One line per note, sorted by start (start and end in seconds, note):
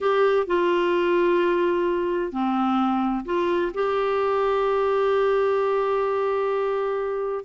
0.01 0.47 G4
0.47 2.32 F4
2.32 3.25 C4
3.25 3.71 F4
3.74 7.44 G4